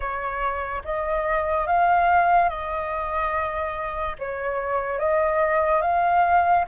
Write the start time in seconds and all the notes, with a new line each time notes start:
0.00 C#5
0.84 D#5
1.67 F5
2.49 D#5
4.19 C#5
4.98 D#5
5.81 F5